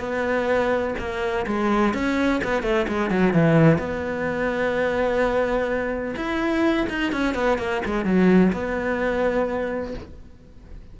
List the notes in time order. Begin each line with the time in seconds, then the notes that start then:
0.00 B3
0.99 A#3
1.47 G#3
1.94 C#4
2.44 B3
2.63 A3
2.88 G#3
3.10 F#3
3.33 E3
3.78 B3
6.16 E4
6.90 D#4
7.12 C#4
7.35 B3
7.58 A#3
7.86 G#3
8.05 F#3
8.53 B3